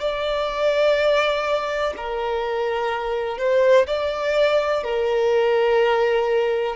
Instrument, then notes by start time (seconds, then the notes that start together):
violin
0.00 D5
1.97 A#4
3.38 C5
3.87 D5
4.83 A#4